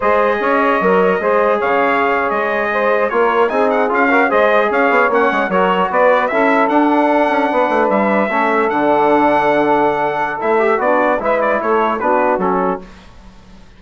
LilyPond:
<<
  \new Staff \with { instrumentName = "trumpet" } { \time 4/4 \tempo 4 = 150 dis''1 | f''4.~ f''16 dis''2 cis''16~ | cis''8. gis''8 fis''8 f''4 dis''4 f''16~ | f''8. fis''4 cis''4 d''4 e''16~ |
e''8. fis''2. e''16~ | e''4.~ e''16 fis''2~ fis''16~ | fis''2 e''4 d''4 | e''8 d''8 cis''4 b'4 a'4 | }
  \new Staff \with { instrumentName = "saxophone" } { \time 4/4 c''4 cis''2 c''4 | cis''2~ cis''8. c''4 ais'16~ | ais'8. gis'4. ais'8 c''4 cis''16~ | cis''4.~ cis''16 ais'4 b'4 a'16~ |
a'2~ a'8. b'4~ b'16~ | b'8. a'2.~ a'16~ | a'2. d'4 | b'4 a'4 fis'2 | }
  \new Staff \with { instrumentName = "trombone" } { \time 4/4 gis'2 ais'4 gis'4~ | gis'2.~ gis'8. f'16~ | f'8. dis'4 f'8 fis'8 gis'4~ gis'16~ | gis'8. cis'4 fis'2 e'16~ |
e'8. d'2.~ d'16~ | d'8. cis'4 d'2~ d'16~ | d'2 e'8 g'8 fis'4 | e'2 d'4 cis'4 | }
  \new Staff \with { instrumentName = "bassoon" } { \time 4/4 gis4 cis'4 fis4 gis4 | cis4.~ cis16 gis2 ais16~ | ais8. c'4 cis'4 gis4 cis'16~ | cis'16 b8 ais8 gis8 fis4 b4 cis'16~ |
cis'8. d'4. cis'8 b8 a8 g16~ | g8. a4 d2~ d16~ | d2 a4 b4 | gis4 a4 b4 fis4 | }
>>